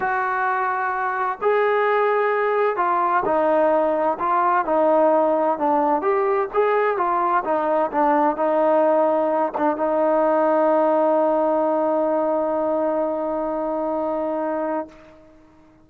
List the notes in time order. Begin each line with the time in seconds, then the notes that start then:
0.00 F#4
1.41 G#4
2.76 F4
3.25 D#4
4.19 F4
4.65 D#4
5.58 D4
6.01 G4
6.53 G#4
6.97 F4
7.44 D#4
7.91 D4
8.36 D#4
9.57 D4
9.77 D#4